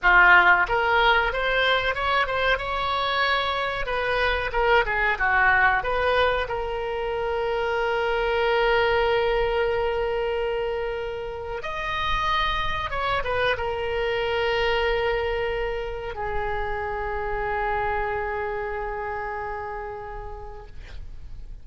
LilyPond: \new Staff \with { instrumentName = "oboe" } { \time 4/4 \tempo 4 = 93 f'4 ais'4 c''4 cis''8 c''8 | cis''2 b'4 ais'8 gis'8 | fis'4 b'4 ais'2~ | ais'1~ |
ais'2 dis''2 | cis''8 b'8 ais'2.~ | ais'4 gis'2.~ | gis'1 | }